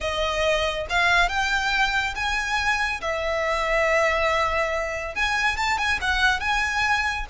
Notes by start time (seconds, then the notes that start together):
0.00 D#5
0.89 F5
1.29 G5
2.15 G#5
3.01 E5
5.15 G#5
5.57 A5
5.77 G#5
6.01 F#5
6.40 G#5